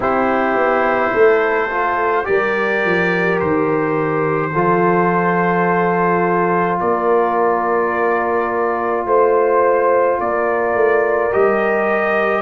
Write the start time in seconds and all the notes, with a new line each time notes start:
0.00 C4 E4 G4 C5
0.55 B3
1.12 A3 A4
1.71 F4
2.24 G3 G4 A#4 D5
2.84 F3
3.39 D#3 C5
4.52 F3 F4 A4
6.79 A#3 A#4 D5
9.05 A3 C5
10.20 A#3 A#4 D5
10.74 A3
11.32 G3 G4 D#5